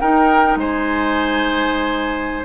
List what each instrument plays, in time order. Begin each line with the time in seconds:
0.00 clarinet D#4, bassoon D#4, oboe A#4, flute G5
0.57 bassoon G#3, oboe C5, flute G#5